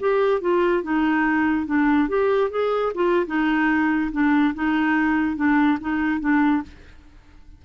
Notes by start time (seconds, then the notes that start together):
0.00 G4
0.41 F4
0.83 D#4
1.66 D4
2.09 G4
2.50 G#4
2.95 F4
3.27 D#4
4.12 D4
4.55 D#4
5.36 D4
5.81 D#4
6.20 D4